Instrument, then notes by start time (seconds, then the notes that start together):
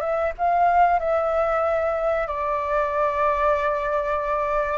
flute
0.00 E5
0.38 F5
0.99 E5
2.27 D5